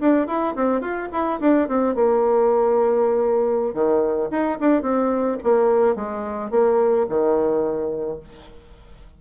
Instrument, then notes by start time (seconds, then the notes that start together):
bassoon
0.00 D4
0.27 E4
0.55 C4
0.81 F4
1.12 E4
1.40 D4
1.68 C4
1.95 A#3
3.73 D#3
4.30 D#4
4.60 D4
4.82 C4
5.43 A#3
5.95 G#3
6.50 A#3
7.09 D#3